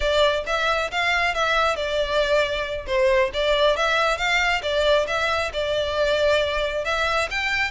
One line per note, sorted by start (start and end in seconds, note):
0.00 0.44 D5
0.46 0.90 E5
0.91 1.34 F5
1.34 1.75 E5
1.75 2.86 D5
2.86 3.30 C5
3.33 3.76 D5
3.76 4.17 E5
4.17 4.61 F5
4.62 5.06 D5
5.07 5.51 E5
5.53 6.84 D5
6.84 7.29 E5
7.30 7.71 G5